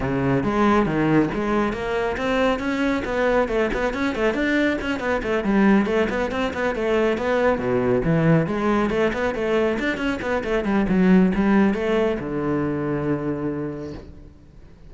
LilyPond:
\new Staff \with { instrumentName = "cello" } { \time 4/4 \tempo 4 = 138 cis4 gis4 dis4 gis4 | ais4 c'4 cis'4 b4 | a8 b8 cis'8 a8 d'4 cis'8 b8 | a8 g4 a8 b8 c'8 b8 a8~ |
a8 b4 b,4 e4 gis8~ | gis8 a8 b8 a4 d'8 cis'8 b8 | a8 g8 fis4 g4 a4 | d1 | }